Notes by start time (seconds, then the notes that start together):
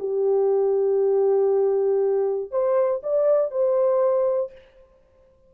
0.00 G4
2.51 C5
3.03 D5
3.51 C5